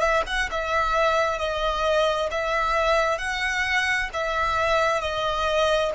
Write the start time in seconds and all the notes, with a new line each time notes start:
0.00 E5
0.27 F#5
0.51 E5
1.38 D#5
2.31 E5
3.18 F#5
4.13 E5
5.01 D#5